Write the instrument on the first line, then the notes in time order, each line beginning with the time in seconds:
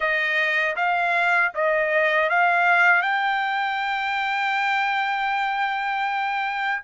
trumpet
0.00 D#5
0.76 F5
1.54 D#5
2.29 F5
3.02 G5